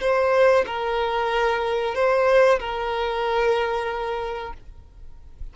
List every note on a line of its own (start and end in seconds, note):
0.00 0.65 C5
0.66 1.94 A#4
1.94 2.59 C5
2.59 4.53 A#4